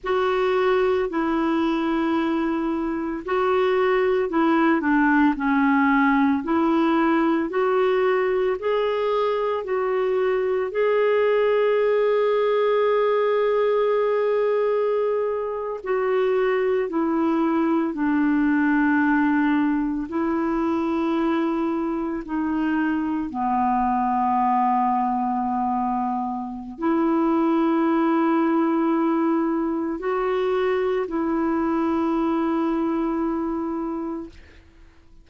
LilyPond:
\new Staff \with { instrumentName = "clarinet" } { \time 4/4 \tempo 4 = 56 fis'4 e'2 fis'4 | e'8 d'8 cis'4 e'4 fis'4 | gis'4 fis'4 gis'2~ | gis'2~ gis'8. fis'4 e'16~ |
e'8. d'2 e'4~ e'16~ | e'8. dis'4 b2~ b16~ | b4 e'2. | fis'4 e'2. | }